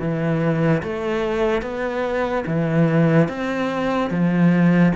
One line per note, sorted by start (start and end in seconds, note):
0.00 0.82 E3
0.83 1.62 A3
1.62 2.44 B3
2.46 3.28 E3
3.28 4.10 C4
4.10 4.92 F3